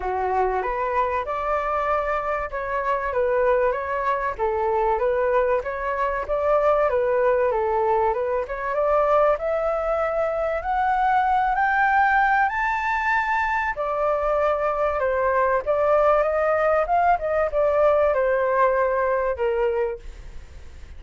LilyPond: \new Staff \with { instrumentName = "flute" } { \time 4/4 \tempo 4 = 96 fis'4 b'4 d''2 | cis''4 b'4 cis''4 a'4 | b'4 cis''4 d''4 b'4 | a'4 b'8 cis''8 d''4 e''4~ |
e''4 fis''4. g''4. | a''2 d''2 | c''4 d''4 dis''4 f''8 dis''8 | d''4 c''2 ais'4 | }